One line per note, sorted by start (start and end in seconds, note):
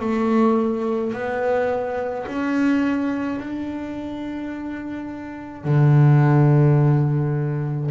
0.00 1.13 A3
1.13 2.26 B3
2.27 3.40 C#4
3.40 5.64 D4
5.64 7.91 D3